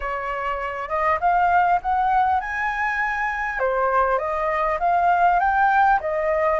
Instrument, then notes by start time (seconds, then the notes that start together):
flute
0.00 C#5
0.88 D#5
1.20 F5
1.82 F#5
2.40 G#5
3.59 C5
4.18 D#5
4.79 F5
5.39 G5
6.00 D#5